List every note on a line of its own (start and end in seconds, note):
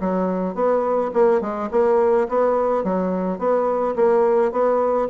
0.00 0.54 F#3
0.54 1.11 B3
1.13 1.41 A#3
1.41 1.69 G#3
1.71 2.28 A#3
2.28 2.84 B3
2.84 3.38 F#3
3.38 3.95 B3
3.96 4.52 A#3
4.52 5.08 B3